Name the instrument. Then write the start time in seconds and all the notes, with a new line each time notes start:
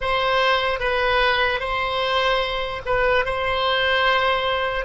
oboe
0.00 C5
0.79 B4
1.60 C5
2.85 B4
3.25 C5